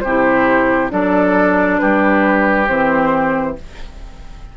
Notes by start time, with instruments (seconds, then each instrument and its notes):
0.00 bassoon C3, oboe G4, flute C5
0.07 clarinet E4
0.90 bassoon F#3, clarinet D4, oboe A4, flute D5
1.79 bassoon G3, oboe G4, flute B4
2.67 bassoon E3, clarinet C4, flute C5